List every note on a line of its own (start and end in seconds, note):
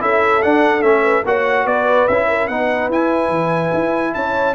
0.00 0.43 C#4
0.00 0.41 E4
0.00 1.03 A4
0.00 0.43 E5
0.41 0.82 D4
0.41 0.83 D4
0.41 0.83 F#5
0.82 1.24 A3
0.82 1.24 C#4
0.82 1.24 E5
1.03 1.24 B4
1.25 1.66 A#3
1.25 2.09 F#4
1.25 1.65 C#5
1.25 1.67 F#5
1.65 2.07 B3
1.65 2.27 B4
1.65 2.08 D5
2.08 2.49 C#4
2.08 2.51 E4
2.08 2.48 E5
2.28 2.48 A#4
2.48 2.89 B3
2.48 2.92 D#4
2.48 4.14 B4
2.48 2.89 F#5
2.89 3.29 E4
2.89 4.55 E4
2.89 4.14 G#5
3.29 3.71 E3
3.74 4.15 E4
4.14 4.55 C#4
4.14 4.55 C#5
4.14 4.55 A5